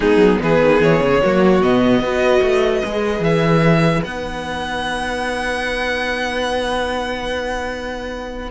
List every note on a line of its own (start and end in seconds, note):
0.00 0.16 G#3
0.00 1.23 B3
0.00 0.38 D#4
0.00 0.40 G#4
0.16 0.36 F#3
0.41 0.61 E3
0.41 1.23 G#4
0.41 0.82 B4
0.61 0.80 D#3
0.80 1.00 E3
0.80 1.62 C#5
1.00 1.20 C#3
1.23 1.61 F#3
1.23 1.62 A#3
1.23 2.02 F#4
1.61 1.99 B2
1.61 2.03 B3
1.61 3.23 D#5
1.99 2.40 B3
1.99 2.84 F#4
1.99 8.50 B4
2.42 2.82 A3
2.84 3.20 G#3
2.84 4.05 G#4
3.20 4.01 E3
3.20 4.03 E5
4.03 8.50 B3
4.03 8.50 D#4
4.03 8.49 F#5